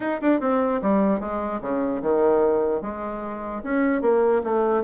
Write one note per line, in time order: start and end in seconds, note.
0.00 0.20 D#4
0.21 0.40 D4
0.40 0.80 C4
0.82 1.20 G3
1.20 1.60 G#3
1.61 2.01 C#3
2.02 2.81 D#3
2.81 3.62 G#3
3.63 4.01 C#4
4.01 4.41 A#3
4.43 4.83 A3